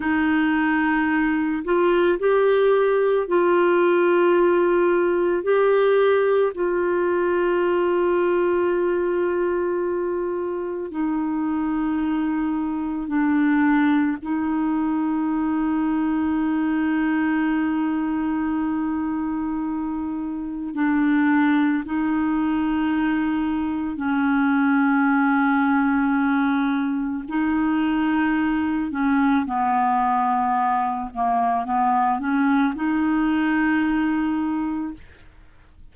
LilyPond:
\new Staff \with { instrumentName = "clarinet" } { \time 4/4 \tempo 4 = 55 dis'4. f'8 g'4 f'4~ | f'4 g'4 f'2~ | f'2 dis'2 | d'4 dis'2.~ |
dis'2. d'4 | dis'2 cis'2~ | cis'4 dis'4. cis'8 b4~ | b8 ais8 b8 cis'8 dis'2 | }